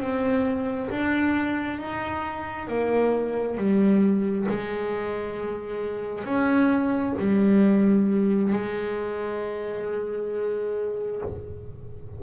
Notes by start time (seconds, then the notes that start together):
0.00 C4
0.90 D4
1.79 D#4
2.67 A#3
3.57 G3
4.49 G#3
6.25 C#4
7.19 G3
8.53 G#3